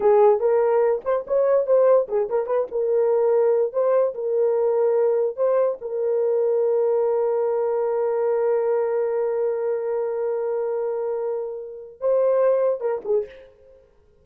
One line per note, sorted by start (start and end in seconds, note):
0.00 0.39 G#4
0.39 1.01 A#4
1.04 1.25 C5
1.27 1.66 C#5
1.66 2.07 C5
2.08 2.29 G#4
2.29 2.46 A#4
2.46 2.67 B4
2.71 3.72 A#4
3.72 4.14 C5
4.14 5.36 A#4
5.36 5.77 C5
5.81 12.00 A#4
12.00 12.80 C5
12.80 13.01 A#4
13.05 13.25 G#4